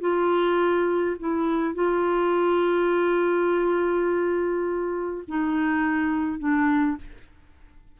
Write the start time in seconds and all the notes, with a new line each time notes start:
0.00 F4
1.19 E4
1.74 F4
5.27 D#4
6.39 D4